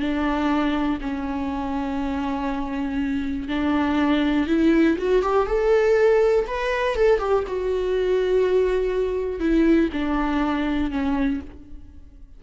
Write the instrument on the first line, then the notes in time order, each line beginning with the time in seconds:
viola
0.00 D4
1.01 C#4
3.49 D4
4.47 E4
4.98 F#4
5.22 G4
5.47 A4
6.47 B4
6.96 A4
7.19 G4
7.47 F#4
9.40 E4
9.93 D4
10.91 C#4